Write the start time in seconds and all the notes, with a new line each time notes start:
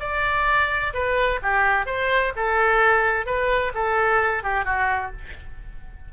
0.00 D5
0.94 B4
1.42 G4
1.86 C5
2.36 A4
3.26 B4
3.74 A4
4.43 G4
4.65 F#4